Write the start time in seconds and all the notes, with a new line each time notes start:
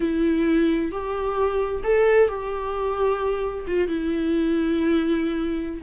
0.00 E4
0.91 G4
1.83 A4
2.28 G4
3.67 F4
3.87 E4